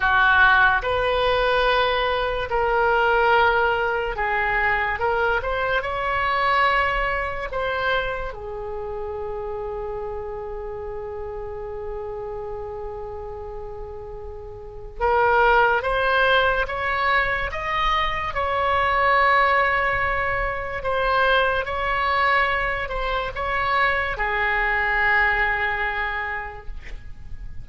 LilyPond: \new Staff \with { instrumentName = "oboe" } { \time 4/4 \tempo 4 = 72 fis'4 b'2 ais'4~ | ais'4 gis'4 ais'8 c''8 cis''4~ | cis''4 c''4 gis'2~ | gis'1~ |
gis'2 ais'4 c''4 | cis''4 dis''4 cis''2~ | cis''4 c''4 cis''4. c''8 | cis''4 gis'2. | }